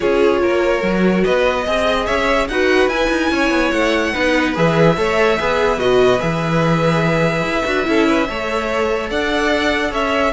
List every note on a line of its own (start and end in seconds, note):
0.00 0.43 C#4
0.00 0.81 F4
0.00 0.41 G#4
0.00 1.24 C#5
0.41 0.82 A#3
0.41 1.24 A#4
0.81 1.23 F#3
0.81 1.63 F#4
1.24 1.66 B3
1.24 1.63 B4
1.24 2.06 D#5
1.63 2.08 C4
1.63 2.49 G#4
1.63 2.05 D#5
2.06 2.48 C#4
2.06 2.47 C#5
2.06 2.47 E5
2.48 2.87 D#4
2.48 2.91 F#4
2.48 3.31 B4
2.48 2.89 F#5
2.87 3.08 E4
2.87 4.14 E4
2.87 3.71 G#5
3.10 3.31 D#4
3.31 3.50 C#4
3.31 4.13 C#5
3.50 3.71 B3
3.71 4.13 A3
3.71 4.54 F#5
4.13 4.56 B3
4.13 4.54 D#4
4.13 4.95 B4
4.54 4.97 E3
4.54 4.96 G#4
4.54 5.79 E5
4.96 5.38 A3
4.96 5.37 A4
4.96 5.39 C#5
5.37 5.77 B3
5.37 5.79 G#4
5.37 7.87 B4
5.77 6.19 B2
5.77 6.19 F#4
5.77 6.20 D#5
6.19 7.43 E3
6.19 7.64 G#4
6.19 9.09 E5
7.43 7.63 E4
7.64 7.86 D4
7.64 7.84 F#4
7.84 8.28 C#4
7.84 8.26 E4
7.84 8.07 A4
8.07 8.28 B4
8.28 9.10 A3
8.28 10.33 A4
8.28 9.10 C#5
9.10 9.93 D4
9.10 9.90 D5
9.10 9.93 F#5
9.90 10.33 C#4
9.90 10.32 C#5
9.90 10.33 E5